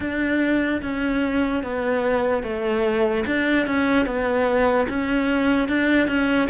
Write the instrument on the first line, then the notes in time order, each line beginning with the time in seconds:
cello
0.00 D4
0.82 C#4
1.63 B3
2.43 A3
3.26 D4
3.66 C#4
4.05 B3
4.88 C#4
5.68 D4
6.07 C#4